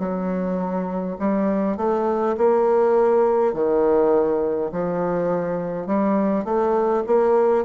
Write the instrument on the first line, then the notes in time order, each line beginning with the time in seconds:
bassoon
0.00 F#3
1.19 G3
1.78 A3
2.38 A#3
3.54 D#3
4.72 F3
5.87 G3
6.45 A3
7.07 A#3